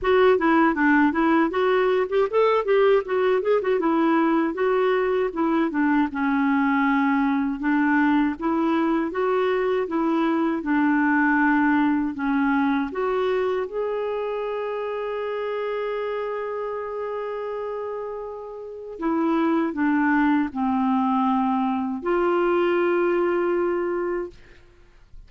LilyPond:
\new Staff \with { instrumentName = "clarinet" } { \time 4/4 \tempo 4 = 79 fis'8 e'8 d'8 e'8 fis'8. g'16 a'8 g'8 | fis'8 gis'16 fis'16 e'4 fis'4 e'8 d'8 | cis'2 d'4 e'4 | fis'4 e'4 d'2 |
cis'4 fis'4 gis'2~ | gis'1~ | gis'4 e'4 d'4 c'4~ | c'4 f'2. | }